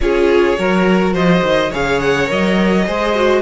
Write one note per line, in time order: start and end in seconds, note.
0.00 0.57 C#4
0.00 0.56 F4
0.00 0.58 G#4
0.00 1.15 C#5
0.56 1.13 F#3
0.56 1.70 F#4
0.56 1.13 A#4
1.13 1.41 F3
1.13 1.70 C5
1.13 1.72 D#5
1.42 1.70 D#3
1.70 2.30 C#3
1.70 2.26 G#4
1.70 2.84 C#5
1.70 2.00 F5
2.00 2.28 F#5
2.26 2.87 F#3
2.26 2.83 A#4
2.26 3.41 D#5
2.86 3.41 G#3
2.86 3.15 G#4
2.86 3.41 C5
3.15 3.41 F#4